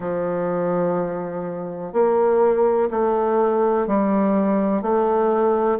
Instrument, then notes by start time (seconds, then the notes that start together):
bassoon
0.00 F3
1.93 A#3
2.90 A3
3.87 G3
4.81 A3